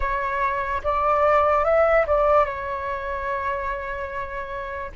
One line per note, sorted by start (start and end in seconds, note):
0.00 0.81 C#5
0.83 1.64 D5
1.64 2.05 E5
2.06 2.45 D5
2.45 4.91 C#5